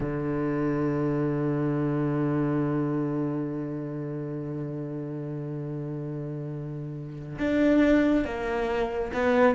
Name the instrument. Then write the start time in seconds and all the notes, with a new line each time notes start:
cello
0.00 D3
7.39 D4
8.24 A#3
9.13 B3